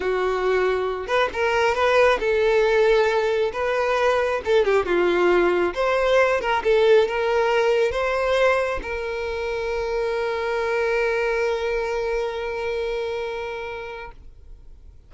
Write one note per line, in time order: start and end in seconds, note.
0.00 1.07 F#4
1.07 1.29 B4
1.33 1.74 A#4
1.74 2.18 B4
2.19 3.51 A4
3.53 4.41 B4
4.44 4.64 A4
4.64 4.85 G4
4.85 5.74 F4
5.74 6.40 C5
6.40 6.62 A#4
6.63 7.07 A4
7.07 7.91 A#4
7.91 8.80 C5
8.82 14.11 A#4